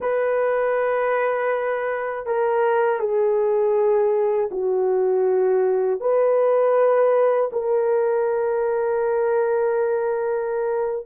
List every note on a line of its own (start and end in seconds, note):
0.00 2.25 B4
2.25 2.99 A#4
2.99 4.49 G#4
4.51 6.00 F#4
6.00 7.50 B4
7.52 11.06 A#4